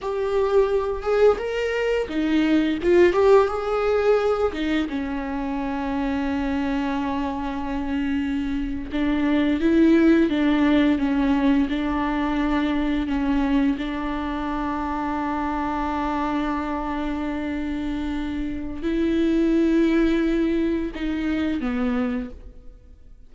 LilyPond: \new Staff \with { instrumentName = "viola" } { \time 4/4 \tempo 4 = 86 g'4. gis'8 ais'4 dis'4 | f'8 g'8 gis'4. dis'8 cis'4~ | cis'1~ | cis'8. d'4 e'4 d'4 cis'16~ |
cis'8. d'2 cis'4 d'16~ | d'1~ | d'2. e'4~ | e'2 dis'4 b4 | }